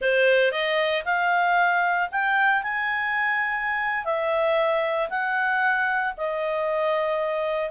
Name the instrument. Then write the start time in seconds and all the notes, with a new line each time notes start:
clarinet
0.01 C5
0.51 D#5
1.04 F5
2.11 G5
2.62 G#5
4.05 E5
5.09 F#5
6.17 D#5